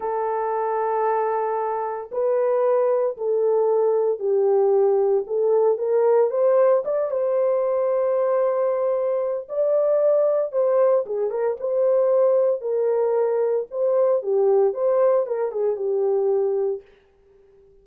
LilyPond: \new Staff \with { instrumentName = "horn" } { \time 4/4 \tempo 4 = 114 a'1 | b'2 a'2 | g'2 a'4 ais'4 | c''4 d''8 c''2~ c''8~ |
c''2 d''2 | c''4 gis'8 ais'8 c''2 | ais'2 c''4 g'4 | c''4 ais'8 gis'8 g'2 | }